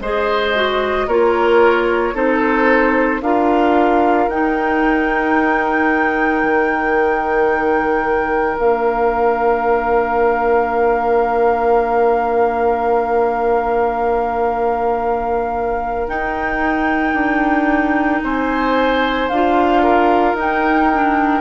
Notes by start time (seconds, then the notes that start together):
0.00 G#3 G#4 C5 D#5
0.55 F#4
1.07 A#3 F4 A#4 C#5
2.14 C4 D#4 A4 C5
3.21 D4 F4 A#4 F5
4.29 D#4 G5
6.43 D#3
8.58 A#3 D4 F5
16.08 D#4 G5
17.14 D4
18.23 C4 C5 G#5
19.28 D4 F4 F5
19.83 A#4
20.34 D#4
20.40 G5
20.93 D4